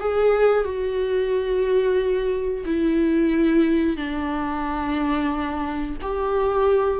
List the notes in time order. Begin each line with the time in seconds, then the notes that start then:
0.00 G#4
0.64 F#4
2.65 E4
3.96 D4
6.02 G4